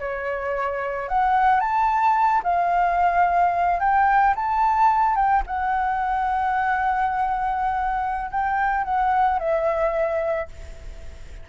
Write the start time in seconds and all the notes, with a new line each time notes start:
0.00 C#5
1.09 F#5
1.60 A5
2.44 F5
3.80 G5
4.36 A5
5.16 G5
5.47 F#5
8.31 G5
8.85 F#5
9.39 E5